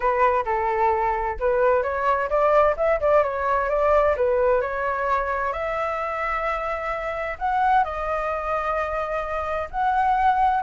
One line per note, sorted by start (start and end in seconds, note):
0.00 0.44 B4
0.45 1.37 A4
1.39 1.83 B4
1.83 2.29 C#5
2.29 2.75 D5
2.76 2.99 E5
3.00 3.23 D5
3.23 3.69 C#5
3.69 4.15 D5
4.16 4.61 B4
4.61 5.53 C#5
5.53 7.37 E5
7.38 7.84 F#5
7.84 9.68 D#5
9.70 10.62 F#5